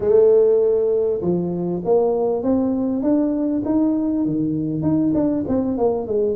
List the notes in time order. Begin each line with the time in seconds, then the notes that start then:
0.00 A3
1.21 F3
1.84 A#3
2.42 C4
3.02 D4
3.65 D#4
4.25 D#3
4.82 D#4
5.14 D4
5.48 C4
5.77 A#3
6.07 G#3